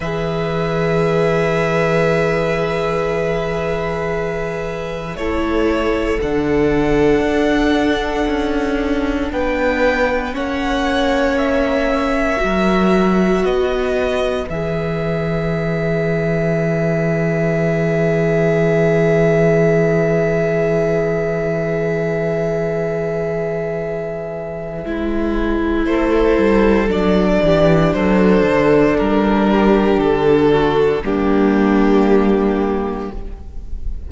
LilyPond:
<<
  \new Staff \with { instrumentName = "violin" } { \time 4/4 \tempo 4 = 58 e''1~ | e''4 cis''4 fis''2~ | fis''4 g''4 fis''4 e''4~ | e''4 dis''4 e''2~ |
e''1~ | e''1~ | e''4 c''4 d''4 c''4 | ais'4 a'4 g'2 | }
  \new Staff \with { instrumentName = "violin" } { \time 4/4 b'1~ | b'4 a'2.~ | a'4 b'4 cis''2 | ais'4 b'2.~ |
b'1~ | b'1~ | b'4 a'4. g'8 a'4~ | a'8 g'4 fis'8 d'2 | }
  \new Staff \with { instrumentName = "viola" } { \time 4/4 gis'1~ | gis'4 e'4 d'2~ | d'2 cis'2 | fis'2 gis'2~ |
gis'1~ | gis'1 | e'2 d'2~ | d'2 ais2 | }
  \new Staff \with { instrumentName = "cello" } { \time 4/4 e1~ | e4 a4 d4 d'4 | cis'4 b4 ais2 | fis4 b4 e2~ |
e1~ | e1 | gis4 a8 g8 fis8 e8 fis8 d8 | g4 d4 g2 | }
>>